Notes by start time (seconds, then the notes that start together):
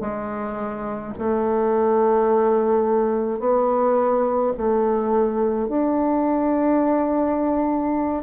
0.00 G#3
1.18 A3
3.39 B3
4.57 A3
5.68 D4